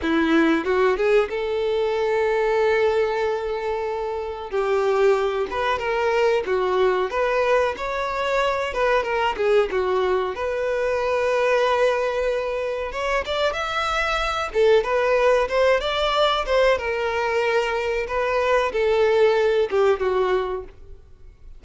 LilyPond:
\new Staff \with { instrumentName = "violin" } { \time 4/4 \tempo 4 = 93 e'4 fis'8 gis'8 a'2~ | a'2. g'4~ | g'8 b'8 ais'4 fis'4 b'4 | cis''4. b'8 ais'8 gis'8 fis'4 |
b'1 | cis''8 d''8 e''4. a'8 b'4 | c''8 d''4 c''8 ais'2 | b'4 a'4. g'8 fis'4 | }